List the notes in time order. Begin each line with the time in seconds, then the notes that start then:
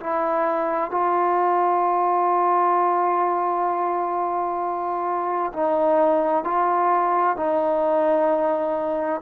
0.00 E4
0.91 F4
5.53 D#4
6.44 F4
7.36 D#4